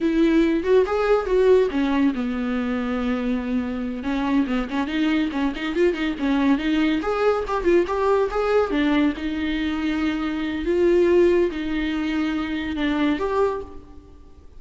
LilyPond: \new Staff \with { instrumentName = "viola" } { \time 4/4 \tempo 4 = 141 e'4. fis'8 gis'4 fis'4 | cis'4 b2.~ | b4. cis'4 b8 cis'8 dis'8~ | dis'8 cis'8 dis'8 f'8 dis'8 cis'4 dis'8~ |
dis'8 gis'4 g'8 f'8 g'4 gis'8~ | gis'8 d'4 dis'2~ dis'8~ | dis'4 f'2 dis'4~ | dis'2 d'4 g'4 | }